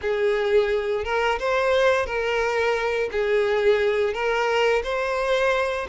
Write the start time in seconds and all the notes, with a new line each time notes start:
0.01 G#4
1.04 A#4
1.39 C5
2.06 A#4
3.11 G#4
4.13 A#4
4.83 C5